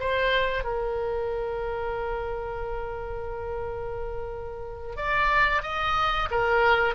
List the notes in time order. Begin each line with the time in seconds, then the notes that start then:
0.00 C5
0.64 A#4
4.97 D5
5.62 D#5
6.31 A#4